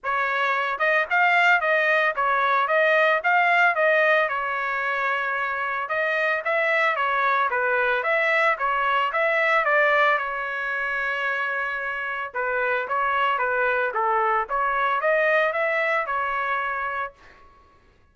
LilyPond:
\new Staff \with { instrumentName = "trumpet" } { \time 4/4 \tempo 4 = 112 cis''4. dis''8 f''4 dis''4 | cis''4 dis''4 f''4 dis''4 | cis''2. dis''4 | e''4 cis''4 b'4 e''4 |
cis''4 e''4 d''4 cis''4~ | cis''2. b'4 | cis''4 b'4 a'4 cis''4 | dis''4 e''4 cis''2 | }